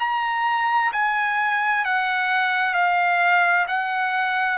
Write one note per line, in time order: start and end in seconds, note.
0.00 0.92 A#5
0.93 1.85 G#5
1.85 2.74 F#5
2.74 3.67 F5
3.68 4.59 F#5